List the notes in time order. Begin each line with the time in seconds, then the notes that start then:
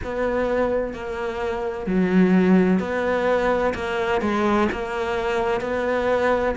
0.04 B3
0.93 A#3
1.86 F#3
2.79 B3
3.74 A#3
4.21 G#3
4.71 A#3
5.60 B3